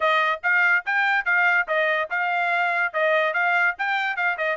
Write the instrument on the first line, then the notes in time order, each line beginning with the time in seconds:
trumpet
0.00 D#5
0.43 F5
0.85 G5
1.25 F5
1.67 D#5
2.10 F5
2.93 D#5
3.33 F5
3.78 G5
4.16 F5
4.37 D#5